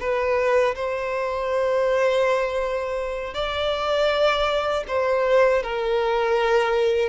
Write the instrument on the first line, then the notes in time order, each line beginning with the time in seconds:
violin
0.00 B4
0.75 C5
3.34 D5
4.88 C5
5.63 A#4